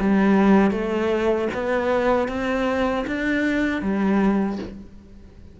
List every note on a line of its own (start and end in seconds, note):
0.00 0.71 G3
0.71 1.48 A3
1.54 2.28 B3
2.28 3.05 C4
3.07 3.82 D4
3.82 4.59 G3